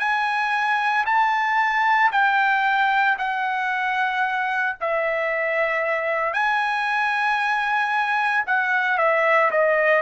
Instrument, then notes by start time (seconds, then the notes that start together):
trumpet
0.00 G#5
1.06 A5
2.12 G5
3.19 F#5
4.81 E5
6.34 G#5
8.47 F#5
8.99 E5
9.52 D#5